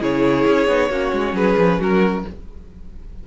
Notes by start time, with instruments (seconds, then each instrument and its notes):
0.00 cello C#3, viola E4, violin G#4 C#5
0.46 cello C#4
0.67 cello B3, viola D#4
0.89 cello A#3, viola C#4, violin F#4
1.12 cello G#3
1.33 cello F#3, violin G#4 B4
1.57 cello F3
1.79 cello F#3, violin F#4 A#4